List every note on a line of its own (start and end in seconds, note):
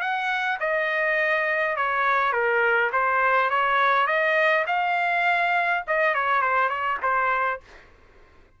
0.00 0.58 F#5
0.60 1.76 D#5
1.76 2.32 C#5
2.32 2.90 A#4
2.92 3.50 C5
3.50 4.06 C#5
4.06 4.65 D#5
4.67 5.83 F5
5.87 6.14 D#5
6.14 6.41 C#5
6.41 6.69 C5
6.69 6.98 C#5
7.02 7.60 C5